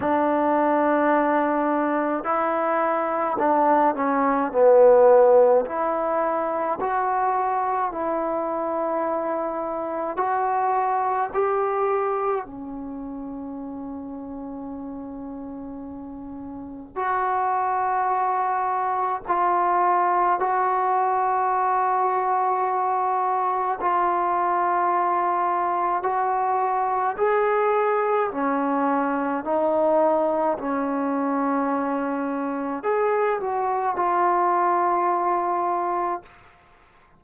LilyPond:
\new Staff \with { instrumentName = "trombone" } { \time 4/4 \tempo 4 = 53 d'2 e'4 d'8 cis'8 | b4 e'4 fis'4 e'4~ | e'4 fis'4 g'4 cis'4~ | cis'2. fis'4~ |
fis'4 f'4 fis'2~ | fis'4 f'2 fis'4 | gis'4 cis'4 dis'4 cis'4~ | cis'4 gis'8 fis'8 f'2 | }